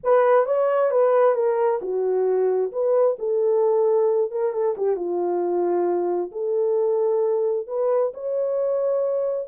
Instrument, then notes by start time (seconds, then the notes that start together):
horn
0.03 B4
0.45 C#5
0.90 B4
1.34 A#4
1.81 F#4
2.71 B4
3.18 A4
4.31 A#4
4.52 A4
4.77 G4
4.96 F4
6.31 A4
7.67 B4
8.14 C#5